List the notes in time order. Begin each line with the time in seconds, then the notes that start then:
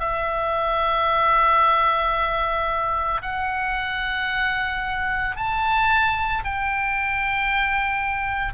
0.00 E5
3.22 F#5
5.37 A5
6.44 G5